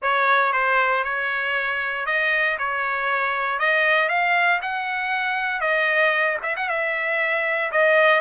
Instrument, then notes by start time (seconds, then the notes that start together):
trumpet
0.01 C#5
0.52 C5
1.03 C#5
2.06 D#5
2.58 C#5
3.59 D#5
4.08 F5
4.62 F#5
5.60 D#5
6.42 E5
6.56 F#5
6.68 E5
7.71 D#5